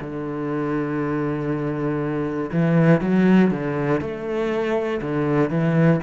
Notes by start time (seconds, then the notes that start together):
0.00 D3
2.52 E3
3.00 F#3
3.50 D3
4.00 A3
5.01 D3
5.50 E3